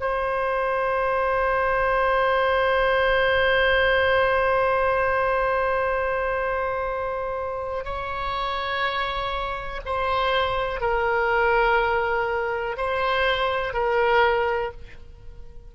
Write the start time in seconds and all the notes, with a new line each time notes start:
0.00 C5
7.84 C#5
9.85 C5
10.81 A#4
12.76 C5
13.73 A#4